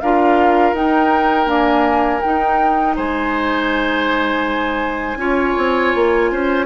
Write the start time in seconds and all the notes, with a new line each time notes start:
0.00 D4 F4 A#4 F5
0.73 D#4 G5
1.46 A#3 D4 G#5
2.21 D#4 G5
2.95 G#3 C5 G#5
5.16 C#4 F4 C#5
5.57 C4
5.95 A#3
6.31 C#4 C5